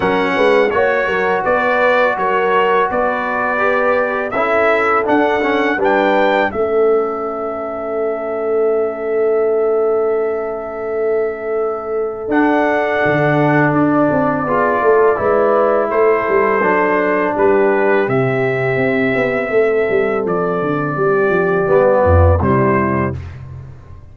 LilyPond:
<<
  \new Staff \with { instrumentName = "trumpet" } { \time 4/4 \tempo 4 = 83 fis''4 cis''4 d''4 cis''4 | d''2 e''4 fis''4 | g''4 e''2.~ | e''1~ |
e''4 fis''2 d''4~ | d''2 c''2 | b'4 e''2. | d''2. c''4 | }
  \new Staff \with { instrumentName = "horn" } { \time 4/4 ais'8 b'8 cis''8 ais'8 b'4 ais'4 | b'2 a'2 | b'4 a'2.~ | a'1~ |
a'1 | gis'8 a'8 b'4 a'2 | g'2. a'4~ | a'4 g'4. f'8 e'4 | }
  \new Staff \with { instrumentName = "trombone" } { \time 4/4 cis'4 fis'2.~ | fis'4 g'4 e'4 d'8 cis'8 | d'4 cis'2.~ | cis'1~ |
cis'4 d'2. | f'4 e'2 d'4~ | d'4 c'2.~ | c'2 b4 g4 | }
  \new Staff \with { instrumentName = "tuba" } { \time 4/4 fis8 gis8 ais8 fis8 b4 fis4 | b2 cis'4 d'4 | g4 a2.~ | a1~ |
a4 d'4 d4 d'8 c'8 | b8 a8 gis4 a8 g8 fis4 | g4 c4 c'8 b8 a8 g8 | f8 d8 g8 f8 g8 f,8 c4 | }
>>